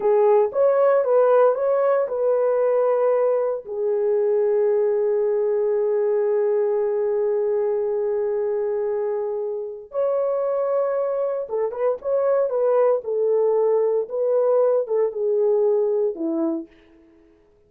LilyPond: \new Staff \with { instrumentName = "horn" } { \time 4/4 \tempo 4 = 115 gis'4 cis''4 b'4 cis''4 | b'2. gis'4~ | gis'1~ | gis'1~ |
gis'2. cis''4~ | cis''2 a'8 b'8 cis''4 | b'4 a'2 b'4~ | b'8 a'8 gis'2 e'4 | }